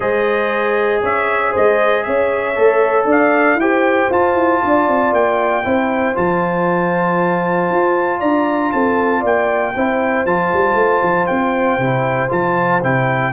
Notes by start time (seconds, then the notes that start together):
0.00 G#3 G#4 C5 D#5
1.02 C#4 C#5 E5
1.52 G#3 C5 D#5
2.03 C#4 C#5 E5
2.55 A3 A4
3.05 D4 D5
3.11 F5
3.55 E4 G4 G5
3.61 C5
4.10 F4 A5
4.34 E4
4.63 D4 D5
4.87 C4
5.12 A#3 G5
5.63 C4 E4 C5
6.15 F3 F4 A5
7.70 F4
8.19 D4 D5 A#5
8.72 C4 A4 A5
9.20 A#3 D5 G5
9.75 C4 E4 C5
10.25 F3 F4 A5
10.53 G3
10.74 A3
11.02 F3
11.26 C4 G5
11.77 C3 E4
12.29 F3 F4 A5
12.82 C3 E4 G5